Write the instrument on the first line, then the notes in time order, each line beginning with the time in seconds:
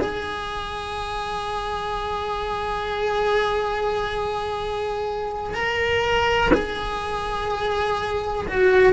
cello
0.00 G#4
5.53 A#4
6.53 G#4
8.48 F#4